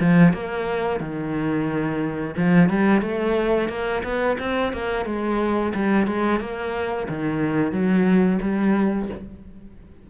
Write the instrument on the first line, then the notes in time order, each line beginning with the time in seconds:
cello
0.00 F3
0.33 A#3
1.00 D#3
2.37 F3
2.69 G3
3.02 A3
3.69 A#3
4.04 B3
4.39 C4
4.73 A#3
5.06 G#3
5.75 G3
6.07 G#3
6.40 A#3
7.09 D#3
7.72 F#3
8.42 G3